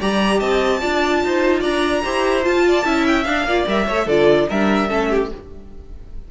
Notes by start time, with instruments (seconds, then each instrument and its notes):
0.00 cello G3, viola G4, violin D5 A#5
0.39 cello C4, violin D#5 A5
0.80 cello D4, viola F4, violin D5
1.24 cello D#4, violin C5
1.60 cello D4, violin D5 A#5
2.03 cello E4, viola G4, violin C5
2.43 viola F4, cello F4, violin A5
2.68 violin D5
2.84 cello C#4, viola E4, violin E5
3.07 violin G5
3.24 cello D4, viola D4, violin F5
3.44 cello A#3, viola F4, violin D5
3.67 cello G3, viola A#4, violin E5
3.87 cello A3, viola A4, violin C#5
4.06 cello D3, viola F4, violin A4 D5
4.49 cello G3, viola D4, violin A#4 E5
4.89 cello A3, viola C#4, violin A4
5.10 violin G4